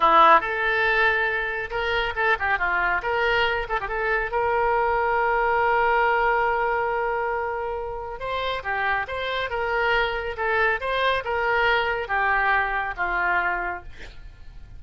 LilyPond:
\new Staff \with { instrumentName = "oboe" } { \time 4/4 \tempo 4 = 139 e'4 a'2. | ais'4 a'8 g'8 f'4 ais'4~ | ais'8 a'16 g'16 a'4 ais'2~ | ais'1~ |
ais'2. c''4 | g'4 c''4 ais'2 | a'4 c''4 ais'2 | g'2 f'2 | }